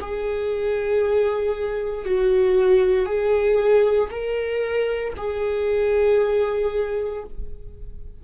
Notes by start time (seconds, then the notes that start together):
0.00 G#4
2.05 F#4
3.05 G#4
4.10 A#4
5.17 G#4